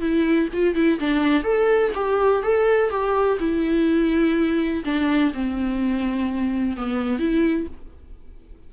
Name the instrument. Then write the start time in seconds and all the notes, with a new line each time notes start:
viola
0.00 E4
0.53 F4
0.75 E4
0.99 D4
1.44 A4
1.95 G4
2.42 A4
2.90 G4
3.39 E4
4.85 D4
5.33 C4
6.77 B3
7.18 E4